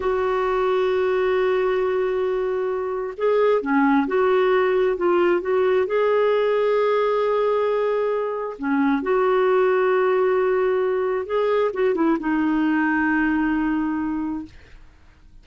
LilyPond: \new Staff \with { instrumentName = "clarinet" } { \time 4/4 \tempo 4 = 133 fis'1~ | fis'2. gis'4 | cis'4 fis'2 f'4 | fis'4 gis'2.~ |
gis'2. cis'4 | fis'1~ | fis'4 gis'4 fis'8 e'8 dis'4~ | dis'1 | }